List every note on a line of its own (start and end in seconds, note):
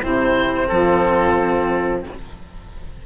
0.00 0.71 C3
0.00 2.05 C4
0.00 0.67 E4
0.00 0.68 C5
0.68 2.05 F3
0.68 2.06 F4
0.68 2.03 A4